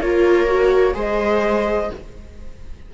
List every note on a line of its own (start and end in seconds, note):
0.00 0.95 A#3
0.00 0.47 F4
0.00 0.94 A#4
0.00 0.96 C#5
0.47 0.93 F#4
0.93 1.90 G#3
0.93 1.89 G#4
0.93 1.90 C5
0.93 1.93 D#5